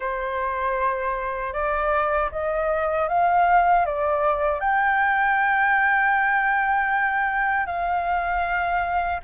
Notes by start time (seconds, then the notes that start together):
0.00 C5
1.53 D5
2.31 D#5
3.08 F5
3.85 D5
4.59 G5
7.66 F5